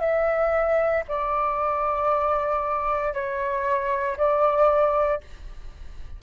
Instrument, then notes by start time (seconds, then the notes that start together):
flute
0.00 E5
1.08 D5
3.13 C#5
4.17 D5